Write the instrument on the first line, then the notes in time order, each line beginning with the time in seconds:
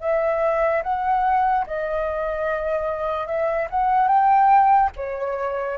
flute
0.00 E5
0.83 F#5
1.66 D#5
3.27 E5
3.70 F#5
4.08 G5
4.96 C#5